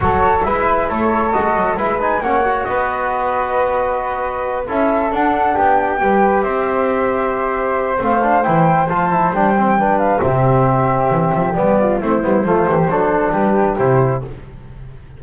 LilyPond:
<<
  \new Staff \with { instrumentName = "flute" } { \time 4/4 \tempo 4 = 135 cis''4 e''4 cis''4 dis''4 | e''8 gis''8 fis''4 dis''2~ | dis''2~ dis''8 e''4 fis''8~ | fis''8 g''2 e''4.~ |
e''2 f''4 g''4 | a''4 g''4. f''8 e''4~ | e''2 d''4 c''4~ | c''2 b'4 c''4 | }
  \new Staff \with { instrumentName = "flute" } { \time 4/4 a'4 b'4 a'2 | b'4 cis''4 b'2~ | b'2~ b'8 a'4.~ | a'8 g'4 b'4 c''4.~ |
c''1~ | c''2 b'4 g'4~ | g'2~ g'8 f'8 e'4 | f'8 g'8 a'4 g'2 | }
  \new Staff \with { instrumentName = "trombone" } { \time 4/4 fis'4 e'2 fis'4 | e'8 dis'8 cis'8 fis'2~ fis'8~ | fis'2~ fis'8 e'4 d'8~ | d'4. g'2~ g'8~ |
g'2 c'8 d'8 e'4 | f'8 e'8 d'8 c'8 d'4 c'4~ | c'2 b4 c'8 b8 | a4 d'2 e'4 | }
  \new Staff \with { instrumentName = "double bass" } { \time 4/4 fis4 gis4 a4 gis8 fis8 | gis4 ais4 b2~ | b2~ b8 cis'4 d'8~ | d'8 b4 g4 c'4.~ |
c'2 a4 e4 | f4 g2 c4~ | c4 e8 f8 g4 a8 g8 | f8 e8 fis4 g4 c4 | }
>>